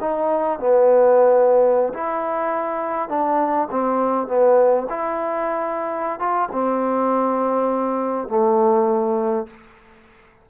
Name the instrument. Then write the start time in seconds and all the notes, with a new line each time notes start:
trombone
0.00 D#4
0.59 B3
1.93 E4
3.09 D4
3.70 C4
4.27 B3
4.89 E4
6.19 F4
6.52 C4
8.28 A3